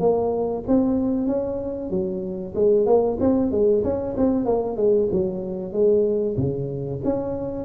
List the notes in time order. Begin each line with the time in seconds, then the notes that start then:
0.00 A#3
0.67 C4
1.27 C#4
1.90 F#3
2.55 G#3
2.86 A#3
3.20 C4
3.51 G#3
3.84 C#4
4.17 C4
4.46 A#3
4.77 G#3
5.12 F#3
5.73 G#3
6.37 C#3
7.04 C#4